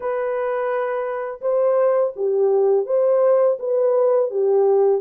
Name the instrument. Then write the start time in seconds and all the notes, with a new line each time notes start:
horn
0.00 B4
1.41 C5
2.16 G4
2.86 C5
3.59 B4
4.30 G4